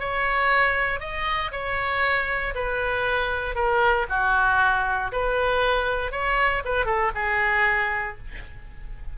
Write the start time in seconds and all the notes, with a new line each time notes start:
0.00 C#5
1.00 D#5
1.52 C#5
2.55 B4
3.55 A#4
4.09 F#4
5.12 B4
6.12 C#5
6.65 B4
6.86 A4
7.15 G#4